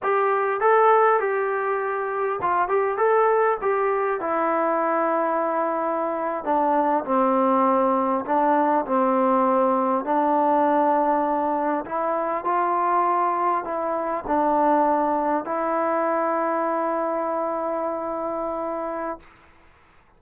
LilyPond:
\new Staff \with { instrumentName = "trombone" } { \time 4/4 \tempo 4 = 100 g'4 a'4 g'2 | f'8 g'8 a'4 g'4 e'4~ | e'2~ e'8. d'4 c'16~ | c'4.~ c'16 d'4 c'4~ c'16~ |
c'8. d'2. e'16~ | e'8. f'2 e'4 d'16~ | d'4.~ d'16 e'2~ e'16~ | e'1 | }